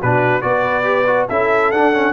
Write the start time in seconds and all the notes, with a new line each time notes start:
0.00 B2 D4 F#4 B4
0.41 B3 F#4 B4 D5
0.83 G4
1.07 F#4
1.29 C#4 E4 A4 E5
1.71 D4 F#5
1.93 C#4